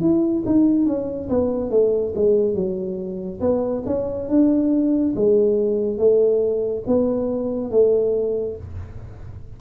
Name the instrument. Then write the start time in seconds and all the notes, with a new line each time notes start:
tuba
0.00 E4
0.45 D#4
0.86 C#4
1.29 B3
1.70 A3
2.15 G#3
2.54 F#3
3.41 B3
3.86 C#4
4.29 D4
5.15 G#3
5.98 A3
6.87 B3
7.71 A3